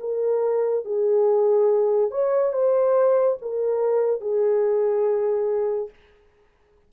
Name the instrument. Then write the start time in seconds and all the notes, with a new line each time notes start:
horn
0.00 A#4
0.85 G#4
2.10 C#5
2.53 C5
3.41 A#4
4.21 G#4